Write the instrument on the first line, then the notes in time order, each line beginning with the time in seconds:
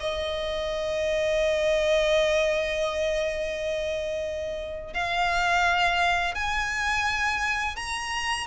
violin
0.00 D#5
4.94 F5
6.35 G#5
7.76 A#5